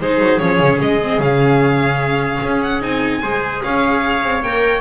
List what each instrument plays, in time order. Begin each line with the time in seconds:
0.00 double bass G#3, viola D#4, trumpet G#4, violin C5
0.19 double bass F#3
0.38 double bass F3, viola C#4, violin C#5
0.59 double bass C#3
0.81 double bass G#3, violin D#5
1.03 viola C4
1.18 double bass C#3, viola C#4, violin F5
2.42 double bass C#4
2.61 violin F#5
2.81 double bass C4, viola D#4, violin G#5
3.22 double bass G#3, viola G#4, trumpet C5
3.63 double bass C#4, trumpet C#5, violin F5
4.22 double bass C4
4.42 double bass A#3, viola A#4, violin G5